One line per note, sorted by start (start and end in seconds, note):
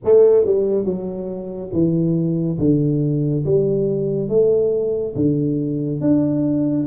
0.04 0.45 A3
0.45 0.84 G3
0.84 1.70 F#3
1.72 2.58 E3
2.59 3.44 D3
3.45 4.29 G3
4.29 5.14 A3
5.15 6.00 D3
6.00 6.86 D4